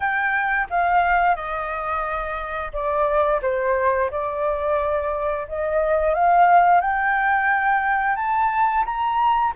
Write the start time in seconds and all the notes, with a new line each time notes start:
0.00 G5
0.70 F5
1.35 D#5
2.72 D5
3.42 C5
4.11 D5
5.48 D#5
6.14 F5
6.81 G5
8.16 A5
8.85 A#5